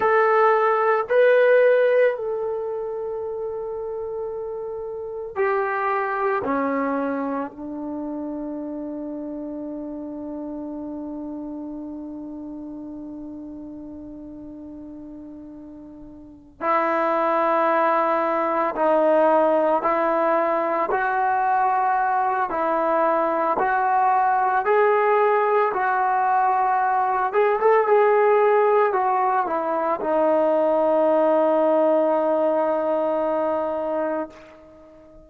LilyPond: \new Staff \with { instrumentName = "trombone" } { \time 4/4 \tempo 4 = 56 a'4 b'4 a'2~ | a'4 g'4 cis'4 d'4~ | d'1~ | d'2.~ d'8 e'8~ |
e'4. dis'4 e'4 fis'8~ | fis'4 e'4 fis'4 gis'4 | fis'4. gis'16 a'16 gis'4 fis'8 e'8 | dis'1 | }